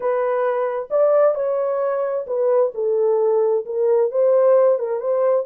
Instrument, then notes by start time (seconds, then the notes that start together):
horn
0.00 B4
0.90 D5
1.34 C#5
2.26 B4
2.74 A4
3.65 A#4
4.11 C5
4.79 A#4
5.00 C5